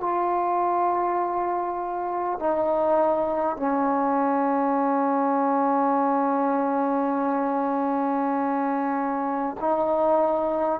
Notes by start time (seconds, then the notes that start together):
0.00 F4
2.39 D#4
3.57 C#4
9.60 D#4